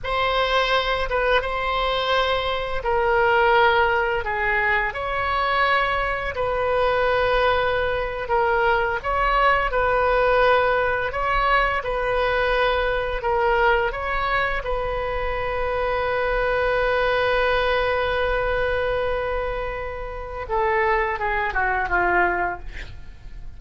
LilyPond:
\new Staff \with { instrumentName = "oboe" } { \time 4/4 \tempo 4 = 85 c''4. b'8 c''2 | ais'2 gis'4 cis''4~ | cis''4 b'2~ b'8. ais'16~ | ais'8. cis''4 b'2 cis''16~ |
cis''8. b'2 ais'4 cis''16~ | cis''8. b'2.~ b'16~ | b'1~ | b'4 a'4 gis'8 fis'8 f'4 | }